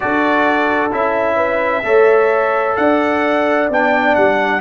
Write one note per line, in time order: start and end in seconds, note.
0.00 0.92 D4
0.00 0.91 F#4
0.00 1.35 A4
0.00 0.91 D5
0.91 1.83 C#4
0.91 1.83 E4
0.91 2.76 E5
1.35 1.81 B4
1.83 2.76 A3
1.83 3.68 A4
1.83 2.77 C#5
2.76 3.69 D4
2.76 4.60 D5
2.76 3.68 F#5
3.69 4.15 B3
3.69 4.60 D4
3.69 4.15 G5
4.15 4.60 G3
4.15 4.60 F#5